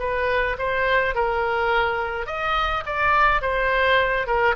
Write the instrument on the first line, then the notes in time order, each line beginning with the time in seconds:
oboe
0.00 B4
0.59 C5
1.15 A#4
2.26 D#5
2.86 D5
3.42 C5
4.27 A#4